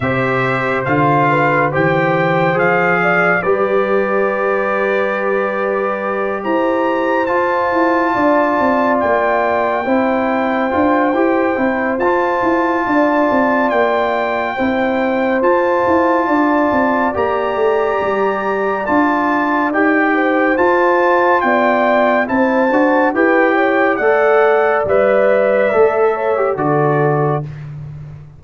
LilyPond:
<<
  \new Staff \with { instrumentName = "trumpet" } { \time 4/4 \tempo 4 = 70 e''4 f''4 g''4 f''4 | d''2.~ d''8 ais''8~ | ais''8 a''2 g''4.~ | g''2 a''2 |
g''2 a''2 | ais''2 a''4 g''4 | a''4 g''4 a''4 g''4 | fis''4 e''2 d''4 | }
  \new Staff \with { instrumentName = "horn" } { \time 4/4 c''4. b'8 c''4. d''8 | b'2.~ b'8 c''8~ | c''4. d''2 c''8~ | c''2. d''4~ |
d''4 c''2 d''4~ | d''2.~ d''8 c''8~ | c''4 d''4 c''4 b'8 cis''8 | d''2~ d''8 cis''8 a'4 | }
  \new Staff \with { instrumentName = "trombone" } { \time 4/4 g'4 f'4 g'4 gis'4 | g'1~ | g'8 f'2. e'8~ | e'8 f'8 g'8 e'8 f'2~ |
f'4 e'4 f'2 | g'2 f'4 g'4 | f'2 e'8 fis'8 g'4 | a'4 b'4 a'8. g'16 fis'4 | }
  \new Staff \with { instrumentName = "tuba" } { \time 4/4 c4 d4 e4 f4 | g2.~ g8 e'8~ | e'8 f'8 e'8 d'8 c'8 ais4 c'8~ | c'8 d'8 e'8 c'8 f'8 e'8 d'8 c'8 |
ais4 c'4 f'8 e'8 d'8 c'8 | ais8 a8 g4 d'4 dis'4 | f'4 b4 c'8 d'8 e'4 | a4 g4 a4 d4 | }
>>